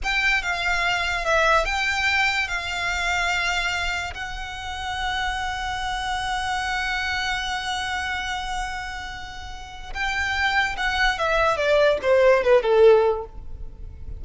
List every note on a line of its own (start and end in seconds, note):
0.03 0.42 G5
0.42 1.25 F5
1.25 1.65 E5
1.65 2.48 G5
2.48 4.13 F5
4.14 9.93 F#5
9.93 10.76 G5
10.77 11.18 F#5
11.18 11.57 E5
11.57 11.98 D5
12.02 12.43 C5
12.43 12.62 B4
12.62 13.24 A4